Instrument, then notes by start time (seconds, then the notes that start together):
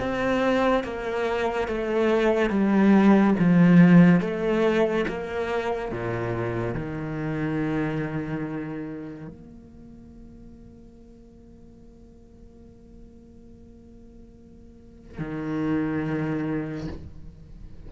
cello
0.00 C4
0.84 A#3
1.68 A3
2.50 G3
3.39 F3
4.21 A3
5.08 A#3
5.92 A#2
6.74 D#3
9.28 A#3
15.19 D#3